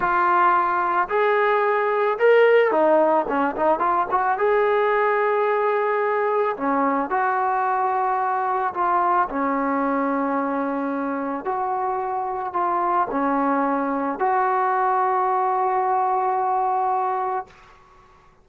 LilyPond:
\new Staff \with { instrumentName = "trombone" } { \time 4/4 \tempo 4 = 110 f'2 gis'2 | ais'4 dis'4 cis'8 dis'8 f'8 fis'8 | gis'1 | cis'4 fis'2. |
f'4 cis'2.~ | cis'4 fis'2 f'4 | cis'2 fis'2~ | fis'1 | }